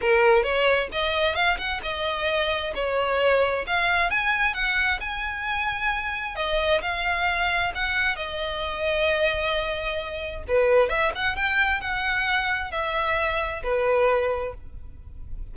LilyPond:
\new Staff \with { instrumentName = "violin" } { \time 4/4 \tempo 4 = 132 ais'4 cis''4 dis''4 f''8 fis''8 | dis''2 cis''2 | f''4 gis''4 fis''4 gis''4~ | gis''2 dis''4 f''4~ |
f''4 fis''4 dis''2~ | dis''2. b'4 | e''8 fis''8 g''4 fis''2 | e''2 b'2 | }